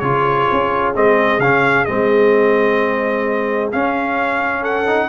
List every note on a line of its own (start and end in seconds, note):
0.00 0.48 C#3
0.00 0.95 F4
0.00 4.62 G#4
0.00 0.92 C#5
0.52 0.96 C#4
0.95 1.39 G#3
0.95 1.41 C4
0.95 1.41 D#5
1.39 1.85 C#3
1.39 1.88 C#4
1.39 1.86 F5
1.86 3.74 G#3
1.86 3.73 C4
1.86 3.70 D#5
3.72 4.87 C#4
3.72 5.09 C#4
3.72 4.64 F5
4.62 5.08 A4
4.62 5.09 F#5
4.87 5.09 D#4